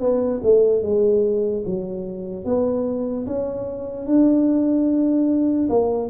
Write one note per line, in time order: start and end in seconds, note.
0.00 0.41 B3
0.43 0.83 A3
0.83 1.64 G#3
1.66 2.45 F#3
2.45 3.27 B3
3.27 4.07 C#4
4.07 5.69 D4
5.70 6.10 A#3